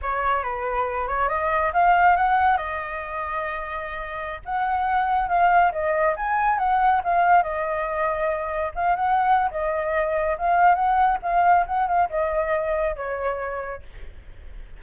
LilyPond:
\new Staff \with { instrumentName = "flute" } { \time 4/4 \tempo 4 = 139 cis''4 b'4. cis''8 dis''4 | f''4 fis''4 dis''2~ | dis''2~ dis''16 fis''4.~ fis''16~ | fis''16 f''4 dis''4 gis''4 fis''8.~ |
fis''16 f''4 dis''2~ dis''8.~ | dis''16 f''8 fis''4~ fis''16 dis''2 | f''4 fis''4 f''4 fis''8 f''8 | dis''2 cis''2 | }